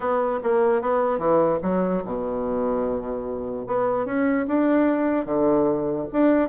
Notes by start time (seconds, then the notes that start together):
0.00 B3
0.43 A#3
0.81 B3
1.18 E3
1.62 F#3
2.04 B2
3.66 B3
4.05 C#4
4.47 D4
5.25 D3
6.12 D4